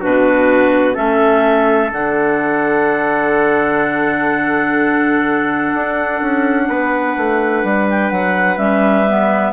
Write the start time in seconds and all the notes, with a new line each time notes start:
0.00 B2 D4 F#4 B4
0.94 A3 C#4 A4 E5
1.91 D3 D4 F#5
5.74 D4
6.21 C#4
6.68 B3 B4
7.17 A3
7.63 G3
7.89 G5
8.11 F#3 F#5
8.57 G3 C#4 E5
9.08 B3